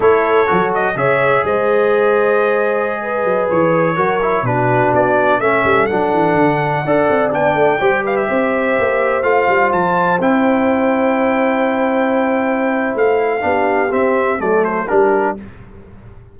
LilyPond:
<<
  \new Staff \with { instrumentName = "trumpet" } { \time 4/4 \tempo 4 = 125 cis''4. dis''8 e''4 dis''4~ | dis''2.~ dis''16 cis''8.~ | cis''4~ cis''16 b'4 d''4 e''8.~ | e''16 fis''2. g''8.~ |
g''8. f''16 e''2~ e''16 f''8.~ | f''16 a''4 g''2~ g''8.~ | g''2. f''4~ | f''4 e''4 d''8 c''8 ais'4 | }
  \new Staff \with { instrumentName = "horn" } { \time 4/4 a'2 cis''4 c''4~ | c''2~ c''16 b'4.~ b'16~ | b'16 ais'4 fis'2 a'8.~ | a'2~ a'16 d''4.~ d''16~ |
d''16 c''8 b'8 c''2~ c''8.~ | c''1~ | c''1 | g'2 a'4 g'4 | }
  \new Staff \with { instrumentName = "trombone" } { \time 4/4 e'4 fis'4 gis'2~ | gis'1~ | gis'16 fis'8 e'8 d'2 cis'8.~ | cis'16 d'2 a'4 d'8.~ |
d'16 g'2. f'8.~ | f'4~ f'16 e'2~ e'8.~ | e'1 | d'4 c'4 a4 d'4 | }
  \new Staff \with { instrumentName = "tuba" } { \time 4/4 a4 fis4 cis4 gis4~ | gis2~ gis8. fis8 e8.~ | e16 fis4 b,4 b4 a8 g16~ | g16 fis8 e8 d4 d'8 c'8 b8 a16~ |
a16 g4 c'4 ais4 a8 g16~ | g16 f4 c'2~ c'8.~ | c'2. a4 | b4 c'4 fis4 g4 | }
>>